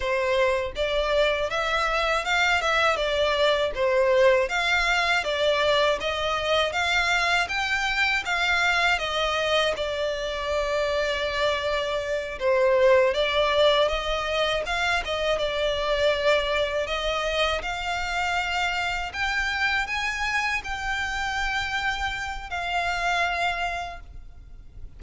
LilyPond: \new Staff \with { instrumentName = "violin" } { \time 4/4 \tempo 4 = 80 c''4 d''4 e''4 f''8 e''8 | d''4 c''4 f''4 d''4 | dis''4 f''4 g''4 f''4 | dis''4 d''2.~ |
d''8 c''4 d''4 dis''4 f''8 | dis''8 d''2 dis''4 f''8~ | f''4. g''4 gis''4 g''8~ | g''2 f''2 | }